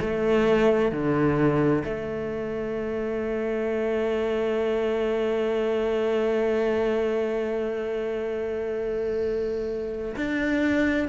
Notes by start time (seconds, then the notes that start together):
0.00 A3
0.91 D3
1.85 A3
10.16 D4